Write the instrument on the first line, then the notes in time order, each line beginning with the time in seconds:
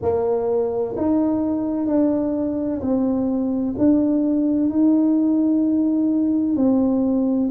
tuba
0.02 A#3
0.96 D#4
1.87 D4
2.81 C4
3.78 D4
4.69 D#4
6.55 C4